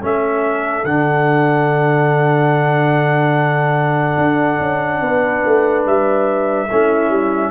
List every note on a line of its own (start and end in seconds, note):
0.00 0.85 A3
0.00 0.85 C#4
0.00 5.00 A4
0.00 0.85 E5
0.85 4.18 D3
0.85 6.69 D4
0.85 5.85 F#5
4.18 4.60 D4
4.60 5.02 C#4
5.02 5.43 B3
5.02 6.70 B4
5.46 5.86 A3
5.86 6.69 G3
5.86 7.51 E5
6.71 7.09 A3
6.71 7.51 C#4
6.71 7.51 E4
7.09 7.51 G3